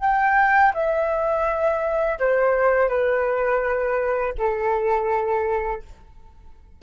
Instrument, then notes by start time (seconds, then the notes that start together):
flute
0.00 G5
0.74 E5
2.19 C5
2.89 B4
4.38 A4